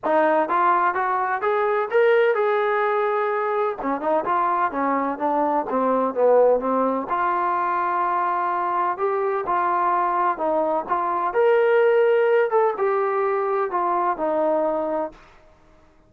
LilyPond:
\new Staff \with { instrumentName = "trombone" } { \time 4/4 \tempo 4 = 127 dis'4 f'4 fis'4 gis'4 | ais'4 gis'2. | cis'8 dis'8 f'4 cis'4 d'4 | c'4 b4 c'4 f'4~ |
f'2. g'4 | f'2 dis'4 f'4 | ais'2~ ais'8 a'8 g'4~ | g'4 f'4 dis'2 | }